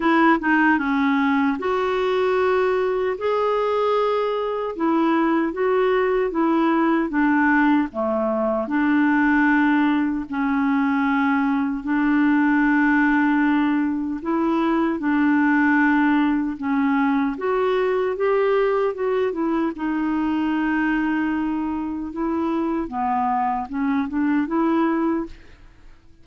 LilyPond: \new Staff \with { instrumentName = "clarinet" } { \time 4/4 \tempo 4 = 76 e'8 dis'8 cis'4 fis'2 | gis'2 e'4 fis'4 | e'4 d'4 a4 d'4~ | d'4 cis'2 d'4~ |
d'2 e'4 d'4~ | d'4 cis'4 fis'4 g'4 | fis'8 e'8 dis'2. | e'4 b4 cis'8 d'8 e'4 | }